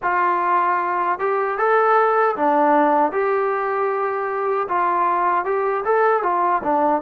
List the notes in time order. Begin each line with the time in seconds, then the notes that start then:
0.02 F4
1.19 G4
1.58 A4
2.36 D4
3.12 G4
4.68 F4
5.44 G4
5.84 A4
6.23 F4
6.63 D4